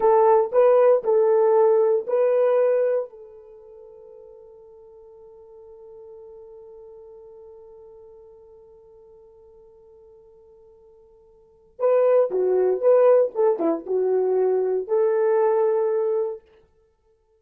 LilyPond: \new Staff \with { instrumentName = "horn" } { \time 4/4 \tempo 4 = 117 a'4 b'4 a'2 | b'2 a'2~ | a'1~ | a'1~ |
a'1~ | a'2. b'4 | fis'4 b'4 a'8 e'8 fis'4~ | fis'4 a'2. | }